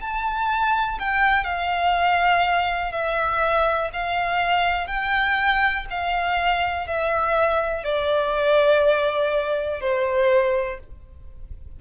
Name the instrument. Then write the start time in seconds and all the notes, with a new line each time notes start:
violin
0.00 A5
0.99 G5
1.44 F5
2.92 E5
3.93 F5
4.87 G5
5.90 F5
6.87 E5
7.83 D5
9.80 C5